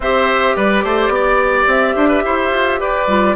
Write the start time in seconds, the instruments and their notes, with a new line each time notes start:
0.00 bassoon C4, clarinet G4, oboe C5, flute E5
0.55 bassoon G3, oboe B4, flute D5
0.83 bassoon A3, oboe C5
1.09 bassoon B3, oboe D5
1.66 bassoon C4, flute E5
1.95 bassoon D4, oboe C5
2.08 oboe B4
2.24 bassoon E4, oboe C5
2.50 bassoon F4
2.80 bassoon G4, oboe B4, flute D5
3.07 bassoon G3, clarinet F4